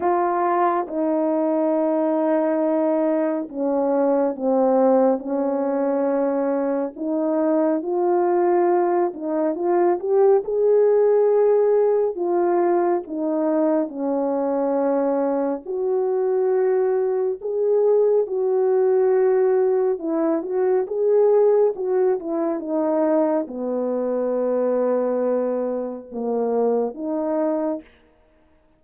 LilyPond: \new Staff \with { instrumentName = "horn" } { \time 4/4 \tempo 4 = 69 f'4 dis'2. | cis'4 c'4 cis'2 | dis'4 f'4. dis'8 f'8 g'8 | gis'2 f'4 dis'4 |
cis'2 fis'2 | gis'4 fis'2 e'8 fis'8 | gis'4 fis'8 e'8 dis'4 b4~ | b2 ais4 dis'4 | }